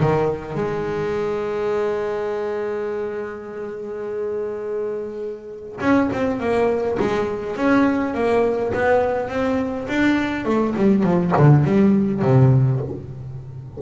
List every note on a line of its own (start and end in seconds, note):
0.00 0.55 D#3
0.55 5.79 G#3
5.81 6.10 C#4
6.13 6.40 C4
6.40 6.98 A#3
7.00 7.56 G#3
7.56 8.14 C#4
8.14 8.73 A#3
8.73 9.29 B3
9.29 9.87 C4
9.88 10.45 D4
10.45 10.74 A3
10.77 11.03 G3
11.03 11.32 F3
11.37 11.64 D3
11.64 12.22 G3
12.22 12.80 C3